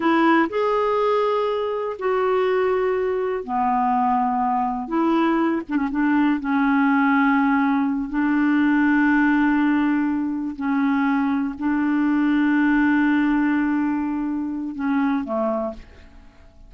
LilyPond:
\new Staff \with { instrumentName = "clarinet" } { \time 4/4 \tempo 4 = 122 e'4 gis'2. | fis'2. b4~ | b2 e'4. d'16 cis'16 | d'4 cis'2.~ |
cis'8 d'2.~ d'8~ | d'4. cis'2 d'8~ | d'1~ | d'2 cis'4 a4 | }